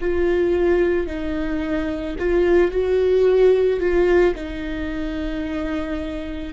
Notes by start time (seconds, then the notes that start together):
0.00 F4
1.07 D#4
2.19 F4
2.71 F#4
3.80 F4
4.35 D#4